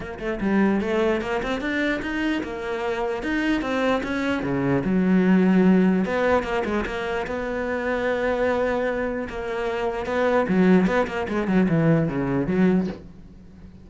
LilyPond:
\new Staff \with { instrumentName = "cello" } { \time 4/4 \tempo 4 = 149 ais8 a8 g4 a4 ais8 c'8 | d'4 dis'4 ais2 | dis'4 c'4 cis'4 cis4 | fis2. b4 |
ais8 gis8 ais4 b2~ | b2. ais4~ | ais4 b4 fis4 b8 ais8 | gis8 fis8 e4 cis4 fis4 | }